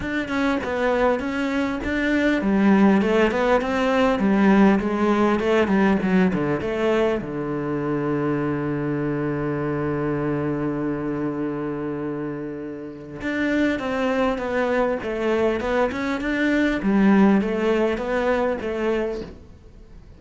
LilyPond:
\new Staff \with { instrumentName = "cello" } { \time 4/4 \tempo 4 = 100 d'8 cis'8 b4 cis'4 d'4 | g4 a8 b8 c'4 g4 | gis4 a8 g8 fis8 d8 a4 | d1~ |
d1~ | d2 d'4 c'4 | b4 a4 b8 cis'8 d'4 | g4 a4 b4 a4 | }